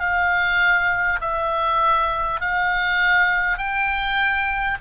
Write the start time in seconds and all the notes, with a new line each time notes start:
0.00 F5
1.21 E5
2.41 F5
3.58 G5